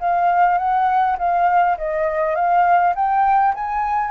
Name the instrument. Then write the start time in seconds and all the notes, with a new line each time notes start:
flute
0.00 F5
0.58 F#5
1.19 F5
1.78 D#5
2.36 F5
2.96 G5
3.55 G#5